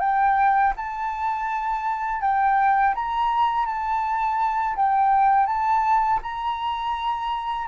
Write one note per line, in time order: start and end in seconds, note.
0.00 0.73 G5
0.76 2.21 A5
2.21 2.94 G5
2.95 3.66 A#5
3.66 4.76 A5
4.76 5.46 G5
5.46 6.20 A5
6.23 7.68 A#5